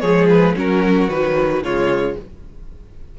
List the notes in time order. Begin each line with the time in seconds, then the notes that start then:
0.00 F3 G#3 G#4 C#5
0.29 B4
0.56 F#3 C#4 F#4 A#4
1.08 D#3 F#3 B4
1.62 C#3 G#3 F4 C#5